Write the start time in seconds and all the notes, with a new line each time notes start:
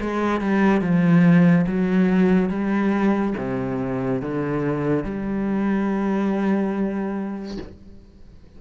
0.00 G#3
0.40 G3
0.81 F3
1.66 F#3
2.49 G3
3.37 C3
4.21 D3
5.04 G3